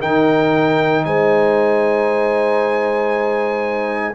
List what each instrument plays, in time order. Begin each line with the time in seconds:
0.00 tuba D#3, trombone D#4, horn A#4, trumpet G5
1.05 tuba G#3, horn C5, trumpet G#5